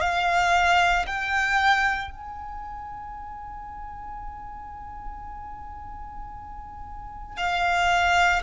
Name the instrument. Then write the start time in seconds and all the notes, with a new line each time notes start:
violin
0.00 F5
1.06 G5
2.11 G#5
7.37 F5